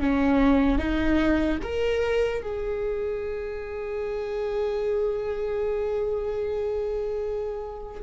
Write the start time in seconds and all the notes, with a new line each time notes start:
0.00 C#4
0.78 D#4
1.63 A#4
2.42 G#4